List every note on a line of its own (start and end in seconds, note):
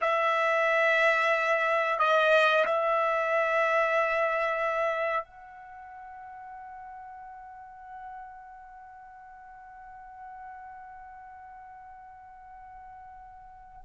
0.01 1.99 E5
1.99 2.65 D#5
2.65 5.24 E5
5.24 13.81 F#5